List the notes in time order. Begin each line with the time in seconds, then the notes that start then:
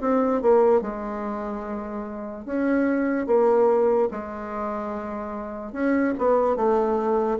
0.00 C4
0.41 A#3
0.81 G#3
2.45 C#4
3.26 A#3
4.11 G#3
5.72 C#4
6.18 B3
6.56 A3